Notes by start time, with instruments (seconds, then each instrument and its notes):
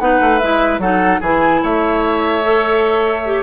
0.00 bassoon B3, clarinet D#4, oboe B4, flute F#5
0.21 bassoon A3
0.39 bassoon G#3, clarinet E4, flute E5
0.79 bassoon F#3, clarinet D#4, oboe A4, flute F#5
1.20 bassoon E3, clarinet E4, oboe G#4, flute G#5
1.63 bassoon A3, oboe C#5, flute E5
2.43 clarinet A4
3.26 clarinet G4